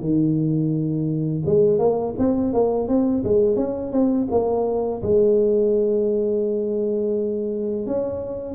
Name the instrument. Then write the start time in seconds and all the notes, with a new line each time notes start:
tuba
0.00 D#3
1.46 G#3
1.79 A#3
2.18 C4
2.53 A#3
2.88 C4
3.24 G#3
3.56 C#4
3.92 C4
4.31 A#3
5.02 G#3
7.86 C#4